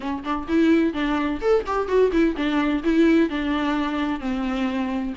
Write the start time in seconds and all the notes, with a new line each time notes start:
0.00 C#4
0.23 D4
0.48 E4
0.93 D4
1.41 A4
1.66 G4
1.87 F#4
2.11 E4
2.36 D4
2.83 E4
3.29 D4
4.20 C4